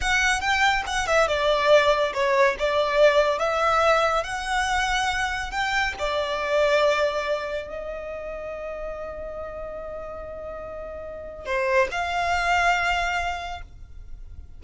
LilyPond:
\new Staff \with { instrumentName = "violin" } { \time 4/4 \tempo 4 = 141 fis''4 g''4 fis''8 e''8 d''4~ | d''4 cis''4 d''2 | e''2 fis''2~ | fis''4 g''4 d''2~ |
d''2 dis''2~ | dis''1~ | dis''2. c''4 | f''1 | }